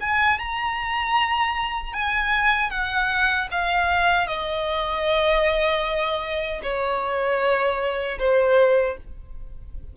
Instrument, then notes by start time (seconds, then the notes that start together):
violin
0.00 G#5
0.39 A#5
1.93 G#5
2.70 F#5
3.51 F5
4.27 D#5
6.62 C#5
8.19 C5